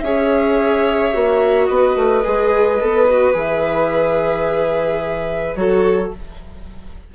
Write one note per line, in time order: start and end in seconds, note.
0.00 1.13 C#4
0.00 1.13 G#4
0.00 1.69 C#5
0.00 1.66 E5
1.13 1.69 A#3
1.13 2.24 F#4
1.66 1.96 B3
1.66 5.58 B4
1.66 3.33 D#5
1.96 2.24 A3
2.25 2.82 G#3
2.25 2.80 G#4
2.81 3.34 B3
2.81 3.09 A4
3.11 3.34 F#4
3.34 5.56 E3
3.34 5.56 G#4
3.34 5.56 E5
5.56 6.11 F#3
5.56 6.12 F#4
5.56 6.15 A4
5.56 6.11 C#5